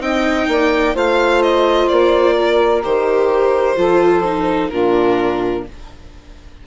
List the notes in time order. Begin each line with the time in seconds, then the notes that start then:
0.00 C4 D#4 D#5 G5
0.48 A#3 D5
0.95 A3 F4 C5 F5
1.43 D#5
1.88 A#3 D5
2.36 A#4
2.83 D#3 G4 C5
3.76 F3 F4 A4
4.25 D#4
4.69 A#2 D4 F4 A#4